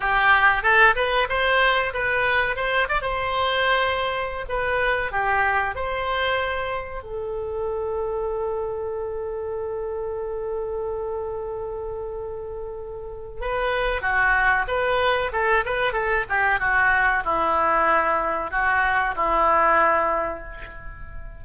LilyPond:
\new Staff \with { instrumentName = "oboe" } { \time 4/4 \tempo 4 = 94 g'4 a'8 b'8 c''4 b'4 | c''8 d''16 c''2~ c''16 b'4 | g'4 c''2 a'4~ | a'1~ |
a'1~ | a'4 b'4 fis'4 b'4 | a'8 b'8 a'8 g'8 fis'4 e'4~ | e'4 fis'4 e'2 | }